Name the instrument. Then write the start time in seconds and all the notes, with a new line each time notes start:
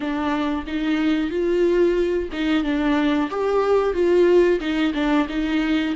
viola
0.00 D4
0.66 D#4
1.30 F4
2.32 D#4
2.63 D4
3.30 G4
3.93 F4
4.59 D#4
4.94 D4
5.29 D#4